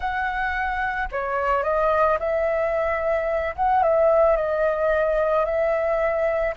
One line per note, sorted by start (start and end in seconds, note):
0.00 1.08 F#5
1.11 1.63 C#5
1.63 2.18 D#5
2.19 3.55 E5
3.55 3.82 F#5
3.82 4.36 E5
4.36 5.45 D#5
5.45 6.54 E5